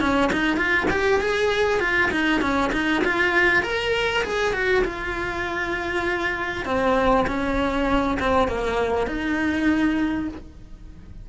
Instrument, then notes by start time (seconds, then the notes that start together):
cello
0.00 C#4
0.32 D#4
0.56 F4
0.90 G4
1.21 G#4
1.80 F4
2.11 D#4
2.41 C#4
2.72 D#4
3.04 F4
3.62 A#4
4.23 G#4
4.53 F#4
4.84 F4
6.65 C4
7.27 C#4
8.19 C4
8.48 A#3
9.07 D#4